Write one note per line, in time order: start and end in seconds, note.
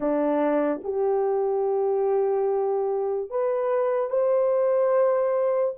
0.00 0.81 D4
0.83 3.30 G4
3.30 4.09 B4
4.09 5.74 C5